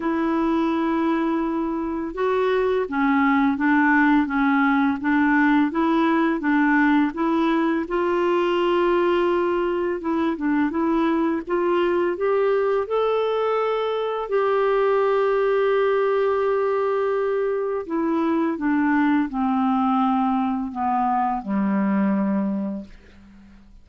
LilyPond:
\new Staff \with { instrumentName = "clarinet" } { \time 4/4 \tempo 4 = 84 e'2. fis'4 | cis'4 d'4 cis'4 d'4 | e'4 d'4 e'4 f'4~ | f'2 e'8 d'8 e'4 |
f'4 g'4 a'2 | g'1~ | g'4 e'4 d'4 c'4~ | c'4 b4 g2 | }